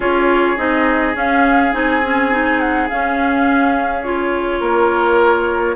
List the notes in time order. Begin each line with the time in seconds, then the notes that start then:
0.00 C#4 F4 G#4 C#5
0.57 C4 D#4 D#5
1.13 C#4 F5
1.72 C4 D#4 G#5
2.03 C#4
2.31 D#4
2.59 F#5
2.88 C#4 F5
4.03 F4 C#5
4.60 A#3 A#4